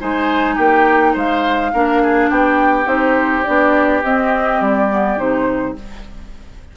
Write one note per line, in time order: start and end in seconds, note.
0.00 0.58 G#3
0.00 1.73 D#4
0.00 0.55 C5
0.00 0.57 G#5
0.55 1.15 A#3
0.55 1.13 G4
0.55 1.15 G5
1.13 1.73 G#3
1.13 1.71 C5
1.13 2.30 F5
1.73 2.30 A#3
1.73 2.85 D4
1.73 2.02 A#4
2.02 2.30 G#4
2.30 2.86 B3
2.30 5.76 G4
2.30 2.88 G5
2.85 3.44 C4
2.85 3.43 D#4
2.85 3.44 C5
3.44 4.03 B3
3.44 4.03 D4
3.44 4.01 D5
4.03 4.60 C4
4.03 4.90 C4
4.03 4.61 D#5
4.60 5.17 G3
4.60 5.19 D5
4.90 5.17 B3
5.17 5.75 C3
5.17 5.75 D#4
5.17 5.76 C5